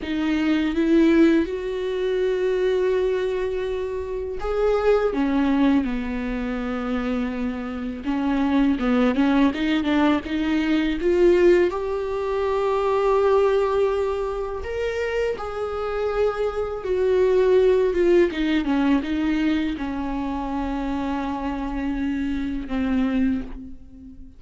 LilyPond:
\new Staff \with { instrumentName = "viola" } { \time 4/4 \tempo 4 = 82 dis'4 e'4 fis'2~ | fis'2 gis'4 cis'4 | b2. cis'4 | b8 cis'8 dis'8 d'8 dis'4 f'4 |
g'1 | ais'4 gis'2 fis'4~ | fis'8 f'8 dis'8 cis'8 dis'4 cis'4~ | cis'2. c'4 | }